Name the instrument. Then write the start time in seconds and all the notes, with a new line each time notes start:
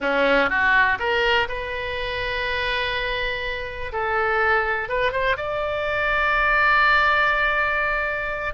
oboe
0.00 C#4
0.49 F#4
0.99 A#4
1.48 B4
3.92 A4
4.88 B4
5.12 C5
5.36 D5